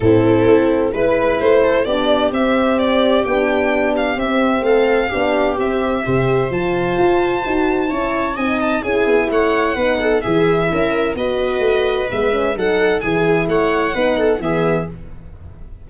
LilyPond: <<
  \new Staff \with { instrumentName = "violin" } { \time 4/4 \tempo 4 = 129 a'2 b'4 c''4 | d''4 e''4 d''4 g''4~ | g''8 f''8 e''4 f''2 | e''2 a''2~ |
a''2 gis''8 a''8 gis''4 | fis''2 e''2 | dis''2 e''4 fis''4 | gis''4 fis''2 e''4 | }
  \new Staff \with { instrumentName = "viola" } { \time 4/4 e'2 b'4. a'8 | g'1~ | g'2 a'4 g'4~ | g'4 c''2.~ |
c''4 cis''4 dis''4 gis'4 | cis''4 b'8 a'8 gis'4 ais'4 | b'2. a'4 | gis'4 cis''4 b'8 a'8 gis'4 | }
  \new Staff \with { instrumentName = "horn" } { \time 4/4 c'2 e'2 | d'4 c'2 d'4~ | d'4 c'2 d'4 | c'4 g'4 f'2 |
fis'4 e'4 dis'4 e'4~ | e'4 dis'4 e'2 | fis'2 b8 cis'8 dis'4 | e'2 dis'4 b4 | }
  \new Staff \with { instrumentName = "tuba" } { \time 4/4 a,4 a4 gis4 a4 | b4 c'2 b4~ | b4 c'4 a4 b4 | c'4 c4 f4 f'4 |
dis'4 cis'4 c'4 cis'8 b8 | a4 b4 e4 cis'4 | b4 a4 gis4 fis4 | e4 a4 b4 e4 | }
>>